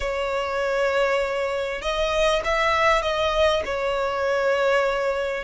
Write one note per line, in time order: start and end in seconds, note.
0.00 1.81 C#5
1.81 2.42 D#5
2.44 3.02 E5
3.02 3.62 D#5
3.65 5.44 C#5